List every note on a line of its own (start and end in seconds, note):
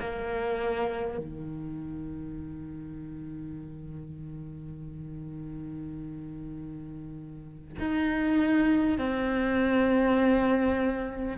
0.00 1.18 A#3
1.18 7.78 D#3
7.79 8.98 D#4
8.98 11.38 C4